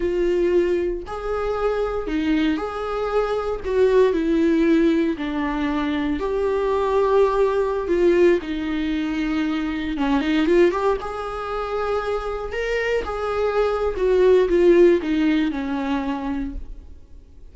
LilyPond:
\new Staff \with { instrumentName = "viola" } { \time 4/4 \tempo 4 = 116 f'2 gis'2 | dis'4 gis'2 fis'4 | e'2 d'2 | g'2.~ g'16 f'8.~ |
f'16 dis'2. cis'8 dis'16~ | dis'16 f'8 g'8 gis'2~ gis'8.~ | gis'16 ais'4 gis'4.~ gis'16 fis'4 | f'4 dis'4 cis'2 | }